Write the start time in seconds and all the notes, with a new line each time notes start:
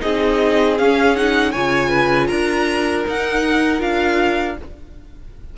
0.00 C4 D#4 G#4 D#5
0.78 C#4 F5
1.16 D#4 F#5
1.51 C#3 F4 C#5 G#5
1.89 B4
2.27 D4 A#4 A#5
3.06 D#4 F#5
3.78 D4 F4 F5